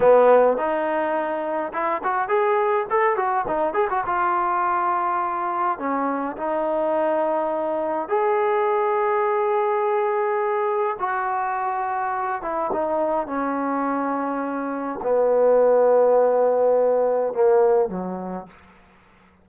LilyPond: \new Staff \with { instrumentName = "trombone" } { \time 4/4 \tempo 4 = 104 b4 dis'2 e'8 fis'8 | gis'4 a'8 fis'8 dis'8 gis'16 fis'16 f'4~ | f'2 cis'4 dis'4~ | dis'2 gis'2~ |
gis'2. fis'4~ | fis'4. e'8 dis'4 cis'4~ | cis'2 b2~ | b2 ais4 fis4 | }